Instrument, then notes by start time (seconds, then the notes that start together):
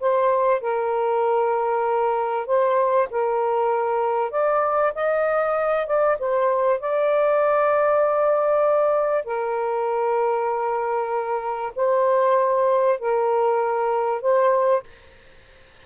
saxophone
0.00 C5
0.61 A#4
2.46 C5
3.10 A#4
4.31 D5
4.95 D#5
5.86 D5
6.19 C5
6.80 D5
9.25 A#4
11.76 C5
12.99 A#4
14.21 C5